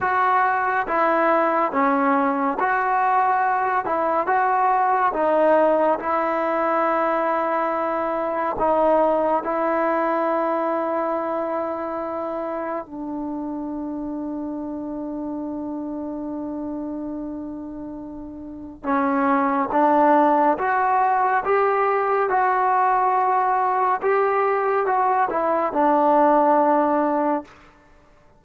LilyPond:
\new Staff \with { instrumentName = "trombone" } { \time 4/4 \tempo 4 = 70 fis'4 e'4 cis'4 fis'4~ | fis'8 e'8 fis'4 dis'4 e'4~ | e'2 dis'4 e'4~ | e'2. d'4~ |
d'1~ | d'2 cis'4 d'4 | fis'4 g'4 fis'2 | g'4 fis'8 e'8 d'2 | }